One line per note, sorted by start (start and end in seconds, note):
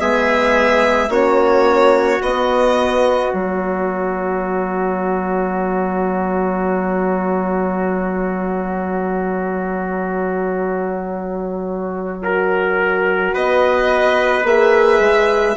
0.00 1.09 G#3
0.00 1.10 B3
0.00 1.11 G#4
0.00 1.11 E5
1.09 2.20 A#3
1.09 2.21 C#4
1.09 12.23 F#4
1.09 2.22 C#5
2.22 3.33 B3
2.22 3.36 B3
2.22 3.34 D#5
3.33 13.33 F#3
3.33 12.22 A#3
3.33 13.34 C#5
12.22 14.45 F#4
12.22 13.34 A#4
13.34 14.44 B3
13.34 15.56 B4
13.34 14.46 D#5
14.44 15.00 A#3
14.44 15.56 G#4
14.44 15.57 E5
15.00 15.55 G#3